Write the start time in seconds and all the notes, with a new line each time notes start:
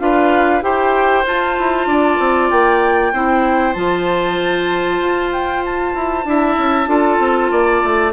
0.00 D4 F4 B4 F5
0.62 E4 G4 C5 G5
1.26 F4 A5
1.59 E4
1.87 D4 D5
2.19 C4
2.51 A#3 G5
3.13 C4 E4 C5
3.74 F3 F4 A5
5.01 F4
5.33 G5
5.65 A5
5.95 E4
6.25 D4 E4 E5
6.58 C#4
6.87 D4 F4 A4
7.19 C4
7.51 A#3 D5
7.84 A3